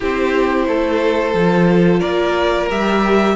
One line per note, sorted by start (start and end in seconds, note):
0.00 0.67 C4
0.00 1.35 E4
0.00 0.65 G4
0.00 1.99 C5
0.67 1.34 A3
0.67 2.00 A4
1.34 2.01 F3
1.34 2.69 F4
1.99 2.70 A#3
1.99 3.35 A#4
1.99 2.67 D5
2.69 3.35 G3
2.69 3.35 G4
2.69 3.35 E5